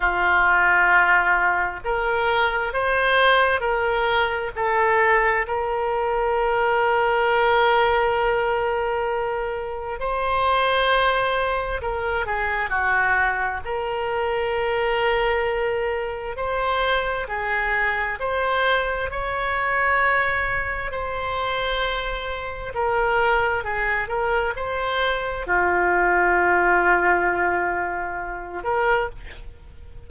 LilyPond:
\new Staff \with { instrumentName = "oboe" } { \time 4/4 \tempo 4 = 66 f'2 ais'4 c''4 | ais'4 a'4 ais'2~ | ais'2. c''4~ | c''4 ais'8 gis'8 fis'4 ais'4~ |
ais'2 c''4 gis'4 | c''4 cis''2 c''4~ | c''4 ais'4 gis'8 ais'8 c''4 | f'2.~ f'8 ais'8 | }